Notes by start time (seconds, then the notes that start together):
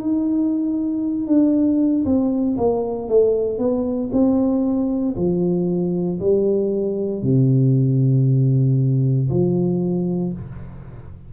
0.00 D#4
1.27 D4
2.05 C4
2.57 A#3
3.08 A3
3.58 B3
4.12 C4
5.16 F3
6.20 G3
7.22 C3
9.29 F3